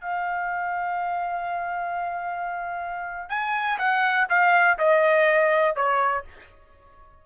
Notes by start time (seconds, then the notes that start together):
0.00 F5
3.29 G#5
3.78 F#5
4.29 F5
4.78 D#5
5.76 C#5